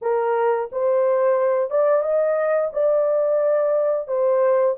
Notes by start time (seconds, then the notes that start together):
0.01 A#4
0.72 C5
1.70 D5
2.02 D#5
2.73 D5
4.07 C5